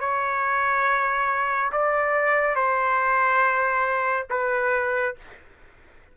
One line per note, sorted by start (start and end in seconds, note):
0.00 1.71 C#5
1.72 2.56 D5
2.56 4.27 C5
4.30 5.16 B4